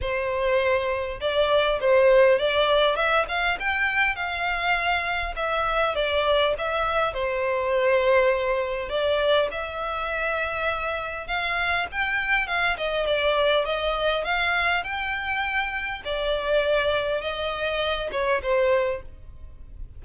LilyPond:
\new Staff \with { instrumentName = "violin" } { \time 4/4 \tempo 4 = 101 c''2 d''4 c''4 | d''4 e''8 f''8 g''4 f''4~ | f''4 e''4 d''4 e''4 | c''2. d''4 |
e''2. f''4 | g''4 f''8 dis''8 d''4 dis''4 | f''4 g''2 d''4~ | d''4 dis''4. cis''8 c''4 | }